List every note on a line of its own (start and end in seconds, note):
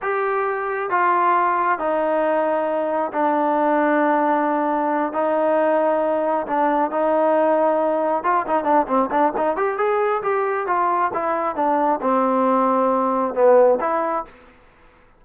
0.02 0.89 G4
0.89 1.78 F4
1.78 3.12 D#4
3.13 5.13 D4
5.13 6.46 D#4
6.47 6.91 D4
6.91 8.23 D#4
8.23 8.45 F4
8.46 8.64 D#4
8.64 8.86 D4
8.87 9.09 C4
9.10 9.33 D4
9.36 9.56 D#4
9.56 9.77 G4
9.77 10.22 G#4
10.22 10.66 G4
10.66 11.11 F4
11.13 11.55 E4
11.55 12.00 D4
12.01 13.34 C4
13.34 13.78 B3
13.80 14.24 E4